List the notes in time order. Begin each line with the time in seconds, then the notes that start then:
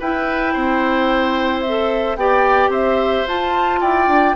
0.00 E4 B4 G5
0.54 C4 C5
1.62 A4 E5
2.16 B3 G4 D5 G5
2.69 C4 C5 E5
3.27 F4 A5
3.81 E4 D5 G5
4.07 D4